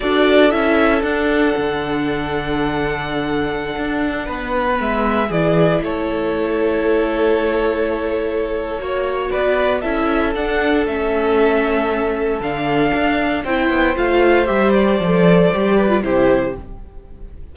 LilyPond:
<<
  \new Staff \with { instrumentName = "violin" } { \time 4/4 \tempo 4 = 116 d''4 e''4 fis''2~ | fis''1~ | fis''4~ fis''16 e''4 d''4 cis''8.~ | cis''1~ |
cis''2 d''4 e''4 | fis''4 e''2. | f''2 g''4 f''4 | e''8 d''2~ d''8 c''4 | }
  \new Staff \with { instrumentName = "violin" } { \time 4/4 a'1~ | a'1~ | a'16 b'2 gis'4 a'8.~ | a'1~ |
a'4 cis''4 b'4 a'4~ | a'1~ | a'2 c''2~ | c''2~ c''8 b'8 g'4 | }
  \new Staff \with { instrumentName = "viola" } { \time 4/4 fis'4 e'4 d'2~ | d'1~ | d'4~ d'16 b4 e'4.~ e'16~ | e'1~ |
e'4 fis'2 e'4 | d'4 cis'2. | d'2 e'4 f'4 | g'4 a'4 g'8. f'16 e'4 | }
  \new Staff \with { instrumentName = "cello" } { \time 4/4 d'4 cis'4 d'4 d4~ | d2.~ d16 d'8.~ | d'16 b4 gis4 e4 a8.~ | a1~ |
a4 ais4 b4 cis'4 | d'4 a2. | d4 d'4 c'8 b8 a4 | g4 f4 g4 c4 | }
>>